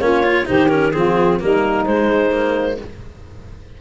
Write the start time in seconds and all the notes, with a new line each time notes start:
0.00 A#3 C#4 F4 C#5
0.23 F4
0.46 D#3 D#4 G4 C5
0.69 C#4 A#4
0.92 F3 C4 F4 G#4
1.39 G3 A#3 D#4 A#4
1.86 G#3 C5
2.31 A#3